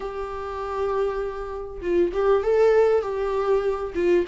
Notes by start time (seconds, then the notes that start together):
0.00 G4
1.81 F4
2.13 G4
2.43 A4
3.02 G4
3.94 F4